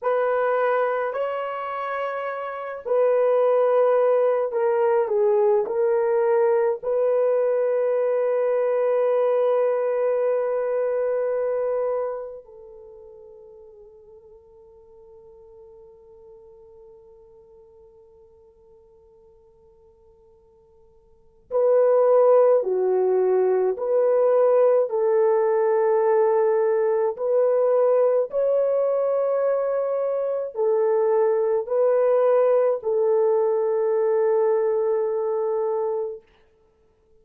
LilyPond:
\new Staff \with { instrumentName = "horn" } { \time 4/4 \tempo 4 = 53 b'4 cis''4. b'4. | ais'8 gis'8 ais'4 b'2~ | b'2. a'4~ | a'1~ |
a'2. b'4 | fis'4 b'4 a'2 | b'4 cis''2 a'4 | b'4 a'2. | }